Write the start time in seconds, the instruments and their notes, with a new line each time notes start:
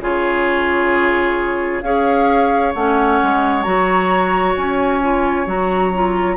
0.00 bassoon C#3, clarinet F4, oboe G#4, flute C#5
1.82 bassoon C#4, clarinet G#4, oboe C#5, flute F5
2.73 bassoon A3, clarinet C#4, flute F#5
3.23 bassoon G#3
3.62 bassoon F#3, clarinet F#4, flute A#5
4.57 bassoon C#4, flute G#5
5.02 clarinet F4
5.46 bassoon F#3, clarinet F#4, flute A#5
5.95 clarinet F4